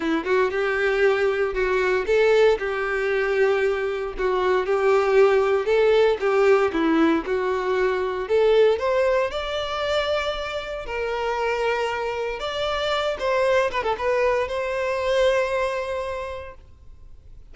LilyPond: \new Staff \with { instrumentName = "violin" } { \time 4/4 \tempo 4 = 116 e'8 fis'8 g'2 fis'4 | a'4 g'2. | fis'4 g'2 a'4 | g'4 e'4 fis'2 |
a'4 c''4 d''2~ | d''4 ais'2. | d''4. c''4 b'16 a'16 b'4 | c''1 | }